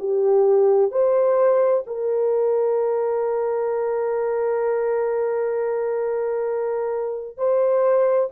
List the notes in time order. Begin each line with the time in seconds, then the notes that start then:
0.00 G4
0.91 C5
1.87 A#4
7.38 C5